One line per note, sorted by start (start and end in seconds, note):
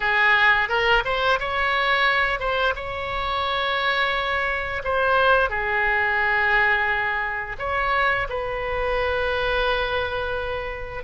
0.00 0.68 G#4
0.68 1.03 A#4
1.04 1.39 C5
1.39 2.39 C#5
2.39 2.74 C5
2.75 4.82 C#5
4.84 5.49 C5
5.49 7.56 G#4
7.58 8.27 C#5
8.29 11.03 B4